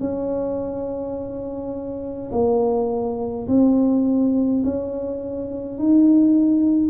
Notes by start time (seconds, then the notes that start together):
0.00 C#4
2.31 A#3
3.47 C4
4.64 C#4
5.78 D#4